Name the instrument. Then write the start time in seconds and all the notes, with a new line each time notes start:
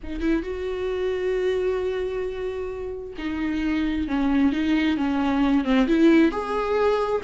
viola
0.03 D#4
0.20 E4
0.42 F#4
3.18 D#4
4.07 C#4
4.52 D#4
4.97 C#4
5.64 C4
5.87 E4
6.31 G#4